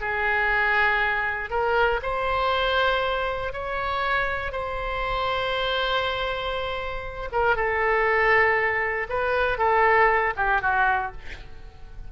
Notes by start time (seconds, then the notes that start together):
0.00 G#4
1.50 A#4
2.02 C5
3.52 C#5
4.51 C5
7.32 A#4
7.55 A4
9.09 B4
9.58 A4
10.36 G4
10.61 F#4